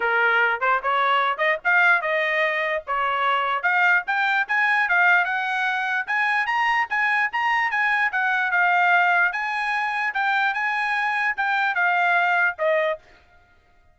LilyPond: \new Staff \with { instrumentName = "trumpet" } { \time 4/4 \tempo 4 = 148 ais'4. c''8 cis''4. dis''8 | f''4 dis''2 cis''4~ | cis''4 f''4 g''4 gis''4 | f''4 fis''2 gis''4 |
ais''4 gis''4 ais''4 gis''4 | fis''4 f''2 gis''4~ | gis''4 g''4 gis''2 | g''4 f''2 dis''4 | }